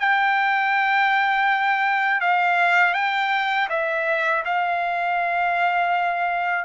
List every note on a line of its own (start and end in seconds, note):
0.00 2.21 G5
2.21 2.94 F5
2.94 3.68 G5
3.70 4.44 E5
4.45 6.65 F5